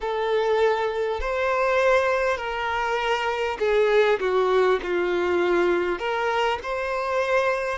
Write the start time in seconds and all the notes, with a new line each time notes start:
0.01 A4
1.20 C5
2.37 A#4
3.59 G#4
4.19 F#4
4.83 F4
5.98 A#4
6.62 C5